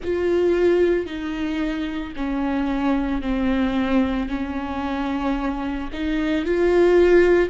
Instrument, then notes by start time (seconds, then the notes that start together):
viola
0.03 F4
1.06 D#4
2.16 C#4
3.21 C4
4.29 C#4
5.92 D#4
6.45 F4